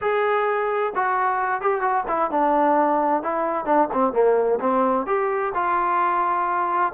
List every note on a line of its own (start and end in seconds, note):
0.01 0.93 G#4
0.95 1.61 F#4
1.61 1.81 G4
1.81 2.04 F#4
2.08 2.30 E4
2.30 3.22 D4
3.22 3.65 E4
3.65 3.88 D4
3.92 4.12 C4
4.12 4.59 A#3
4.60 5.06 C4
5.06 5.52 G4
5.54 6.92 F4